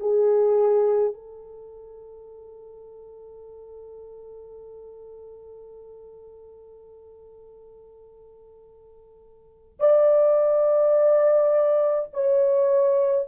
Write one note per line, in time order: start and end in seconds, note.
0.00 1.13 G#4
1.13 9.79 A4
9.79 12.10 D5
12.13 13.27 C#5